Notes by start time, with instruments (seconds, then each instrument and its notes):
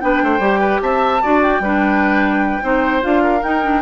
0.00 bassoon B3, clarinet D4, oboe B4, flute G5
0.22 bassoon A3, oboe C5
0.39 bassoon G3, clarinet G4
0.60 oboe B4
0.81 bassoon C4, oboe E5, flute A5
1.22 bassoon D4, clarinet F#4, oboe D5
1.42 flute G5
1.60 bassoon G3, clarinet D4, oboe B4
2.62 bassoon C4, clarinet D#4, oboe C5
3.01 bassoon D4, clarinet F4, flute F5
3.23 oboe A#4
3.40 clarinet D#4, bassoon D#4, flute G5
3.62 clarinet D4